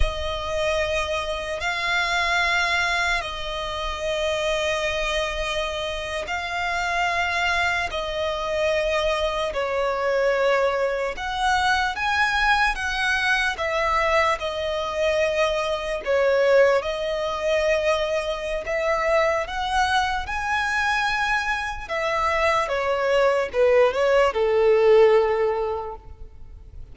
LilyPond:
\new Staff \with { instrumentName = "violin" } { \time 4/4 \tempo 4 = 74 dis''2 f''2 | dis''2.~ dis''8. f''16~ | f''4.~ f''16 dis''2 cis''16~ | cis''4.~ cis''16 fis''4 gis''4 fis''16~ |
fis''8. e''4 dis''2 cis''16~ | cis''8. dis''2~ dis''16 e''4 | fis''4 gis''2 e''4 | cis''4 b'8 cis''8 a'2 | }